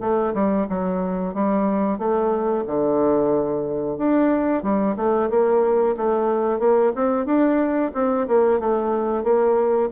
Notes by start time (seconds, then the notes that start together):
0.00 A3
0.34 G3
0.69 F#3
1.34 G3
1.98 A3
2.67 D3
3.97 D4
4.62 G3
4.96 A3
5.30 A#3
5.96 A3
6.59 A#3
6.95 C4
7.25 D4
7.94 C4
8.27 A#3
8.60 A3
9.23 A#3